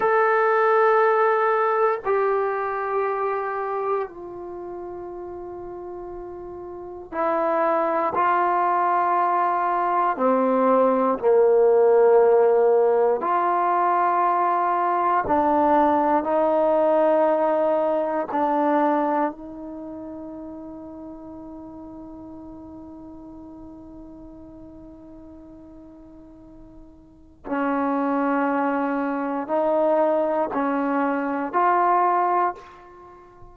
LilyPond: \new Staff \with { instrumentName = "trombone" } { \time 4/4 \tempo 4 = 59 a'2 g'2 | f'2. e'4 | f'2 c'4 ais4~ | ais4 f'2 d'4 |
dis'2 d'4 dis'4~ | dis'1~ | dis'2. cis'4~ | cis'4 dis'4 cis'4 f'4 | }